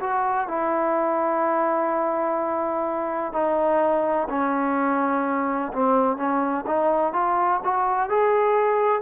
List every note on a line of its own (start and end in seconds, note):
0.00 0.48 F#4
0.48 3.33 E4
3.33 4.28 D#4
4.29 5.72 C#4
5.73 6.17 C4
6.17 6.65 C#4
6.66 7.13 D#4
7.13 7.61 F4
7.64 8.10 F#4
8.10 9.02 G#4